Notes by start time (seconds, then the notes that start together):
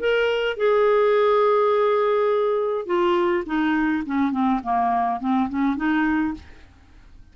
0.00 A#4
0.57 G#4
2.86 F4
3.46 D#4
4.06 C#4
4.32 C4
4.63 A#3
5.20 C4
5.50 C#4
5.77 D#4